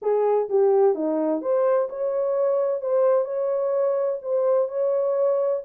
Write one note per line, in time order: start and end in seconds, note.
0.01 0.48 G#4
0.49 0.94 G4
0.94 1.41 D#4
1.41 1.88 C5
1.89 2.81 C#5
2.81 3.25 C5
3.25 4.18 C#5
4.22 4.68 C5
4.68 5.62 C#5